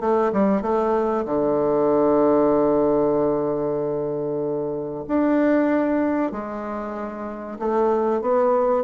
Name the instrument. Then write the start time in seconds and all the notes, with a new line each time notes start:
bassoon
0.00 A3
0.32 G3
0.62 A3
1.25 D3
5.08 D4
6.32 G#3
7.59 A3
8.21 B3